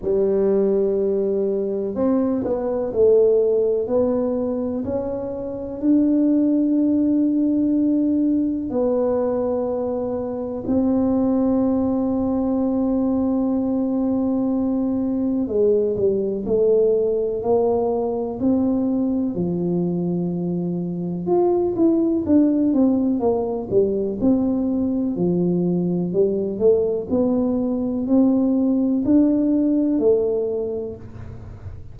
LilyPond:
\new Staff \with { instrumentName = "tuba" } { \time 4/4 \tempo 4 = 62 g2 c'8 b8 a4 | b4 cis'4 d'2~ | d'4 b2 c'4~ | c'1 |
gis8 g8 a4 ais4 c'4 | f2 f'8 e'8 d'8 c'8 | ais8 g8 c'4 f4 g8 a8 | b4 c'4 d'4 a4 | }